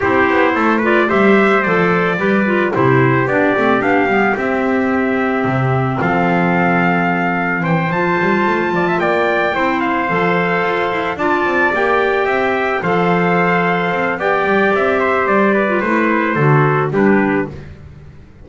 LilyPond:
<<
  \new Staff \with { instrumentName = "trumpet" } { \time 4/4 \tempo 4 = 110 c''4. d''8 e''4 d''4~ | d''4 c''4 d''4 f''4 | e''2. f''4~ | f''2 g''8 a''4.~ |
a''8 g''4. f''2~ | f''8 a''4 g''2 f''8~ | f''2 g''4 e''4 | d''4 c''2 b'4 | }
  \new Staff \with { instrumentName = "trumpet" } { \time 4/4 g'4 a'8 b'8 c''2 | b'4 g'2.~ | g'2. a'4~ | a'2 c''2 |
d''16 e''16 d''4 c''2~ c''8~ | c''8 d''2 e''4 c''8~ | c''2 d''4. c''8~ | c''8 b'4. a'4 g'4 | }
  \new Staff \with { instrumentName = "clarinet" } { \time 4/4 e'4. f'8 g'4 a'4 | g'8 f'8 e'4 d'8 c'8 d'8 b8 | c'1~ | c'2~ c'8 f'4.~ |
f'4. e'4 a'4.~ | a'8 f'4 g'2 a'8~ | a'2 g'2~ | g'8. f'16 e'4 fis'4 d'4 | }
  \new Staff \with { instrumentName = "double bass" } { \time 4/4 c'8 b8 a4 g4 f4 | g4 c4 b8 a8 b8 g8 | c'2 c4 f4~ | f2 e8 f8 g8 a8 |
f8 ais4 c'4 f4 f'8 | e'8 d'8 c'8 ais4 c'4 f8~ | f4. c'8 b8 g8 c'4 | g4 a4 d4 g4 | }
>>